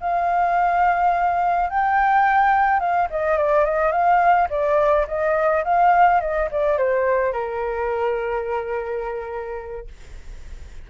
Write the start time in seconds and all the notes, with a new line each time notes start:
0.00 F5
1.70 G5
2.80 F5
3.10 D#5
3.38 D5
3.65 D#5
3.92 F5
4.50 D5
5.07 D#5
5.64 F5
6.21 D#5
6.51 D5
6.78 C5
7.33 A#4